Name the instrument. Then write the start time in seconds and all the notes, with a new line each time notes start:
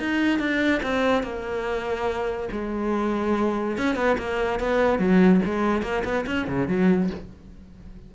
cello
0.00 D#4
0.39 D4
0.83 C4
1.23 A#3
2.52 G#3
3.78 C#4
3.96 B3
4.18 A#3
4.60 B3
4.99 F#3
5.45 G#3
5.83 A#3
6.05 B3
6.27 C#4
6.48 C#3
6.68 F#3